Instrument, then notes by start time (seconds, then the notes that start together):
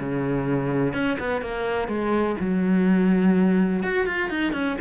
cello
0.00 C#3
0.94 C#4
1.20 B3
1.42 A#3
1.88 G#3
2.40 F#3
3.83 F#4
4.07 F4
4.30 D#4
4.53 C#4